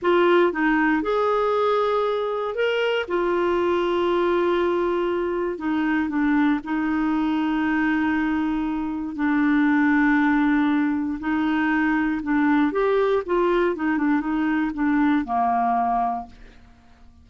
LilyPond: \new Staff \with { instrumentName = "clarinet" } { \time 4/4 \tempo 4 = 118 f'4 dis'4 gis'2~ | gis'4 ais'4 f'2~ | f'2. dis'4 | d'4 dis'2.~ |
dis'2 d'2~ | d'2 dis'2 | d'4 g'4 f'4 dis'8 d'8 | dis'4 d'4 ais2 | }